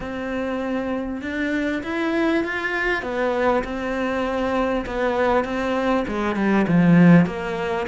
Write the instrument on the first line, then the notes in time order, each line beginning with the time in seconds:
cello
0.00 C4
1.21 D4
1.83 E4
2.44 F4
3.02 B3
3.64 C4
4.86 B3
5.44 C4
6.07 G#3
6.35 G3
6.67 F3
7.26 A#3